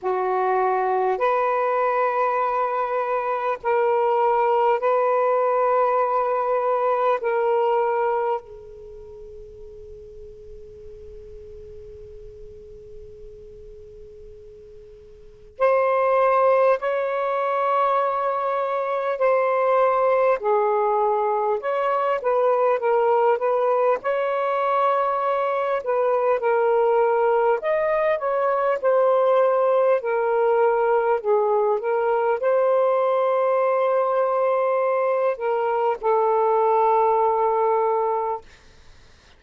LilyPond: \new Staff \with { instrumentName = "saxophone" } { \time 4/4 \tempo 4 = 50 fis'4 b'2 ais'4 | b'2 ais'4 gis'4~ | gis'1~ | gis'4 c''4 cis''2 |
c''4 gis'4 cis''8 b'8 ais'8 b'8 | cis''4. b'8 ais'4 dis''8 cis''8 | c''4 ais'4 gis'8 ais'8 c''4~ | c''4. ais'8 a'2 | }